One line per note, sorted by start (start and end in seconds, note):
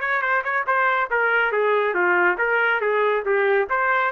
0.00 0.21 C#5
0.21 0.43 C5
0.44 0.65 C#5
0.67 1.09 C5
1.10 1.52 A#4
1.52 1.94 G#4
1.94 2.37 F4
2.38 2.81 A#4
2.81 3.24 G#4
3.25 3.68 G4
3.69 4.12 C5